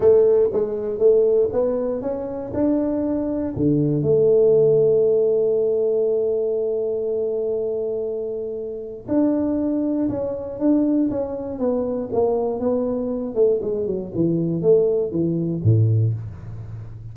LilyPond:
\new Staff \with { instrumentName = "tuba" } { \time 4/4 \tempo 4 = 119 a4 gis4 a4 b4 | cis'4 d'2 d4 | a1~ | a1~ |
a2 d'2 | cis'4 d'4 cis'4 b4 | ais4 b4. a8 gis8 fis8 | e4 a4 e4 a,4 | }